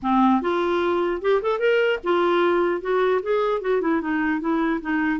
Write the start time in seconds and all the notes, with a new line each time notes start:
0.02 C4
0.41 F4
1.21 G4
1.42 A4
1.59 A#4
2.03 F4
2.81 F#4
3.22 G#4
3.61 F#4
3.81 E4
4.01 D#4
4.40 E4
4.81 D#4